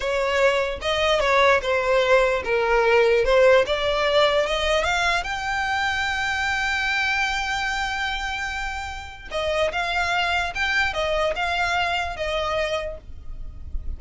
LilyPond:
\new Staff \with { instrumentName = "violin" } { \time 4/4 \tempo 4 = 148 cis''2 dis''4 cis''4 | c''2 ais'2 | c''4 d''2 dis''4 | f''4 g''2.~ |
g''1~ | g''2. dis''4 | f''2 g''4 dis''4 | f''2 dis''2 | }